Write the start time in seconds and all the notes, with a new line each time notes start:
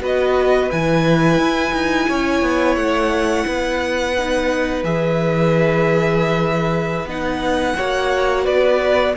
0.00 B3 F#4 B4 D#5
0.71 E3 E4 G#5
1.38 E4
1.73 D#4
2.08 C#4 C#5
2.42 B3
2.76 A3 F#5
3.46 B3 B4
4.18 D#4
4.83 E3 G#4 E5
7.05 B3 D#4 F#5
7.75 A#3 F#4 C#5
8.44 B3 B4 D5